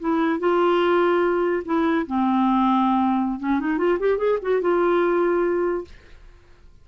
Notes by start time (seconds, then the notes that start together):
0.00 E4
0.40 F4
1.65 E4
2.07 C4
3.40 C#4
3.60 D#4
3.78 F4
4.00 G4
4.18 G#4
4.42 F#4
4.62 F4